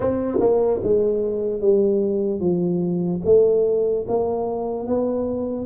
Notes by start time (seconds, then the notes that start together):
0.00 C4
0.40 A#3
0.83 G#3
1.60 G3
2.40 F3
3.24 A3
4.08 A#3
4.86 B3